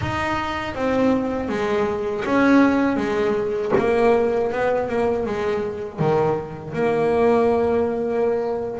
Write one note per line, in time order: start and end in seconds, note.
0.01 0.74 D#4
0.74 1.49 C4
1.49 2.24 G#3
2.25 2.97 C#4
2.97 3.72 G#3
3.78 4.52 A#3
4.52 4.89 B3
4.89 5.26 A#3
5.26 5.99 G#3
5.99 6.73 D#3
6.73 8.79 A#3